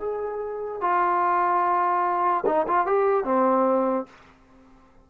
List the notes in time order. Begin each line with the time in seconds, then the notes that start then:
0.00 G#4
0.82 F4
2.46 D#4
2.68 F4
2.87 G4
3.25 C4